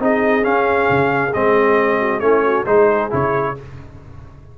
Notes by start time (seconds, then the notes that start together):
0.00 C4 D#4 G#4 D#5
0.43 C#4 F5
0.90 C#3
1.33 G#3 C4 D#5
2.00 F#4
2.20 A3 C#4 E4 C#5
2.45 F#4
2.65 G#3 D#4 G#4 C5
3.10 C#3 E4 C#5